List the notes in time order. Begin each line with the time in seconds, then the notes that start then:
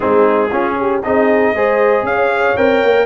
0.00 G#3 C4 D#4 G#4
0.51 C#4 F4
0.79 G4
1.02 C4 D#4 G#4 D#5
1.54 G#3 G#4 C5
2.02 C#4 C#5 F5
2.57 C4 A#4 G5
2.83 A#3